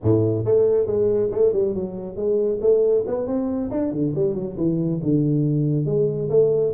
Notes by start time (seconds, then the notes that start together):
0.02 A2
0.44 A3
0.86 G#3
1.31 A3
1.52 G3
1.74 F#3
2.16 G#3
2.61 A3
3.07 B3
3.26 C4
3.70 D4
3.92 D3
4.15 G3
4.34 F#3
4.57 E3
5.02 D3
5.85 G#3
6.29 A3